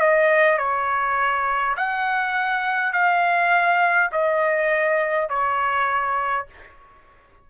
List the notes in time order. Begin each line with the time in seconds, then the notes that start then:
0.00 D#5
0.58 C#5
1.76 F#5
2.93 F5
4.12 D#5
5.29 C#5